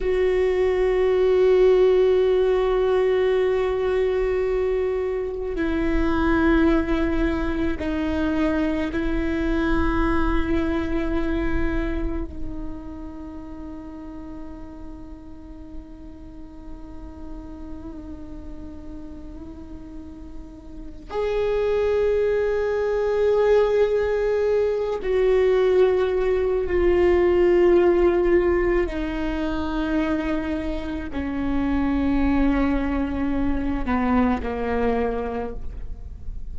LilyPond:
\new Staff \with { instrumentName = "viola" } { \time 4/4 \tempo 4 = 54 fis'1~ | fis'4 e'2 dis'4 | e'2. dis'4~ | dis'1~ |
dis'2. gis'4~ | gis'2~ gis'8 fis'4. | f'2 dis'2 | cis'2~ cis'8 b8 ais4 | }